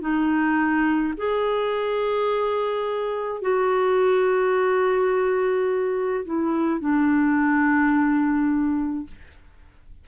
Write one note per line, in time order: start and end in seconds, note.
0.00 1.13 D#4
1.17 3.41 G#4
3.41 6.24 F#4
6.25 6.80 E4
6.80 9.06 D4